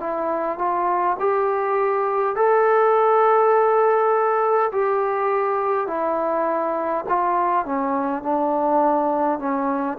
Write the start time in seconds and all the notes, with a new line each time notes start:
0.00 E4
0.58 F4
1.19 G4
2.36 A4
4.72 G4
5.87 E4
7.09 F4
7.65 C#4
8.23 D4
9.39 C#4